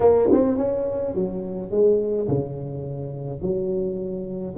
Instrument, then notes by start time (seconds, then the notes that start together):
tuba
0.00 A#3
0.31 C4
0.57 C#4
1.14 F#3
1.70 G#3
2.28 C#3
3.41 F#3